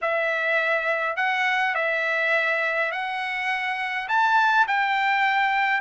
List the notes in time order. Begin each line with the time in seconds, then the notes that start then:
0.01 E5
1.16 F#5
1.74 E5
2.91 F#5
4.08 A5
4.67 G5